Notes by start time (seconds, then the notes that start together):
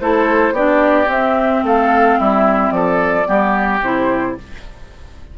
0.00 A3 E4 A4 C5
0.51 B3 D4 G4 D5
1.05 C4 E5
1.63 A3 A4 F5
2.19 G3 E4 E5
2.71 F3 A4 D5
3.25 G3 B3 G4
3.81 C3 E4 C5